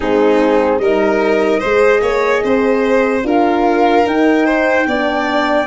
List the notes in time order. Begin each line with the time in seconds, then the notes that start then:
0.00 G#3 C4 D#4 G#4
0.78 G3 D#4 A#4 D#5
1.59 G#3 G#4 C5
2.01 A#3 C#5
2.43 C4 C5
3.23 D4 F4 A#4 F5
4.05 D#4 G5
4.45 C5
4.86 B3 D4 D5